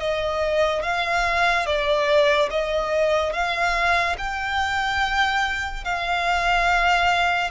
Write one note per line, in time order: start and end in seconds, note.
0.00 0.83 D#5
0.83 1.66 F5
1.66 2.50 D5
2.51 3.33 D#5
3.33 4.17 F5
4.19 5.84 G5
5.84 7.51 F5